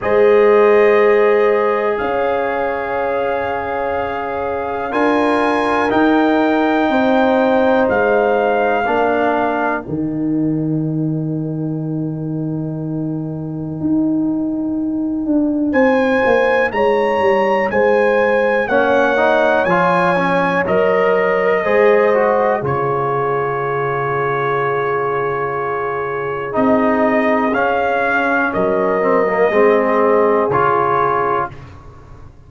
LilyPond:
<<
  \new Staff \with { instrumentName = "trumpet" } { \time 4/4 \tempo 4 = 61 dis''2 f''2~ | f''4 gis''4 g''2 | f''2 g''2~ | g''1 |
gis''4 ais''4 gis''4 fis''4 | gis''4 dis''2 cis''4~ | cis''2. dis''4 | f''4 dis''2 cis''4 | }
  \new Staff \with { instrumentName = "horn" } { \time 4/4 c''2 cis''2~ | cis''4 ais'2 c''4~ | c''4 ais'2.~ | ais'1 |
c''4 cis''4 c''4 cis''4~ | cis''2 c''4 gis'4~ | gis'1~ | gis'4 ais'4 gis'2 | }
  \new Staff \with { instrumentName = "trombone" } { \time 4/4 gis'1~ | gis'4 f'4 dis'2~ | dis'4 d'4 dis'2~ | dis'1~ |
dis'2. cis'8 dis'8 | f'8 cis'8 ais'4 gis'8 fis'8 f'4~ | f'2. dis'4 | cis'4. c'16 ais16 c'4 f'4 | }
  \new Staff \with { instrumentName = "tuba" } { \time 4/4 gis2 cis'2~ | cis'4 d'4 dis'4 c'4 | gis4 ais4 dis2~ | dis2 dis'4. d'8 |
c'8 ais8 gis8 g8 gis4 ais4 | f4 fis4 gis4 cis4~ | cis2. c'4 | cis'4 fis4 gis4 cis4 | }
>>